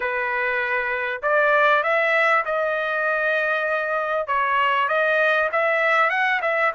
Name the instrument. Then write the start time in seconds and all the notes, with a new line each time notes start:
trumpet
0.00 B4
1.22 D5
1.83 E5
2.45 D#5
4.27 C#5
4.88 D#5
5.52 E5
6.09 F#5
6.41 E5